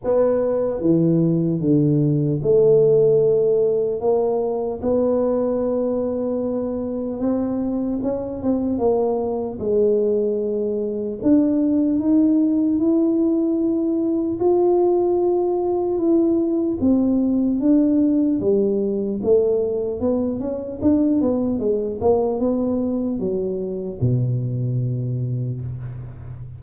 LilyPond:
\new Staff \with { instrumentName = "tuba" } { \time 4/4 \tempo 4 = 75 b4 e4 d4 a4~ | a4 ais4 b2~ | b4 c'4 cis'8 c'8 ais4 | gis2 d'4 dis'4 |
e'2 f'2 | e'4 c'4 d'4 g4 | a4 b8 cis'8 d'8 b8 gis8 ais8 | b4 fis4 b,2 | }